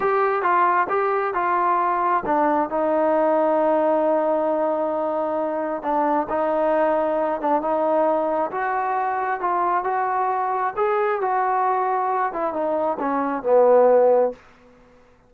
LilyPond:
\new Staff \with { instrumentName = "trombone" } { \time 4/4 \tempo 4 = 134 g'4 f'4 g'4 f'4~ | f'4 d'4 dis'2~ | dis'1~ | dis'4 d'4 dis'2~ |
dis'8 d'8 dis'2 fis'4~ | fis'4 f'4 fis'2 | gis'4 fis'2~ fis'8 e'8 | dis'4 cis'4 b2 | }